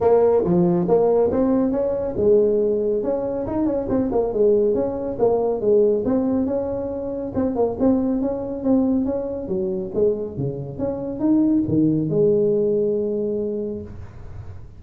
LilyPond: \new Staff \with { instrumentName = "tuba" } { \time 4/4 \tempo 4 = 139 ais4 f4 ais4 c'4 | cis'4 gis2 cis'4 | dis'8 cis'8 c'8 ais8 gis4 cis'4 | ais4 gis4 c'4 cis'4~ |
cis'4 c'8 ais8 c'4 cis'4 | c'4 cis'4 fis4 gis4 | cis4 cis'4 dis'4 dis4 | gis1 | }